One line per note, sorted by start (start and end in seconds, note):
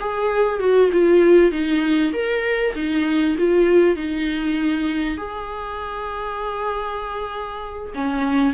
0.00 0.60 G#4
0.60 0.90 F#4
0.92 1.52 F4
1.52 2.13 D#4
2.13 2.74 A#4
2.75 3.36 D#4
3.38 3.96 F4
3.96 5.18 D#4
5.18 7.93 G#4
7.95 8.54 C#4